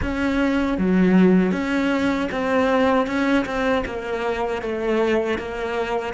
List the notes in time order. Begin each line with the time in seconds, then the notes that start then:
0.02 C#4
0.78 F#3
1.52 C#4
2.31 C4
3.06 C#4
3.45 C4
3.85 A#3
4.62 A3
5.38 A#3